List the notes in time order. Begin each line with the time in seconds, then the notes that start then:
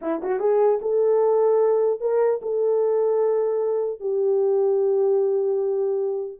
0.01 E4
0.22 F#4
0.39 G#4
0.81 A4
2.00 A#4
2.41 A4
4.00 G4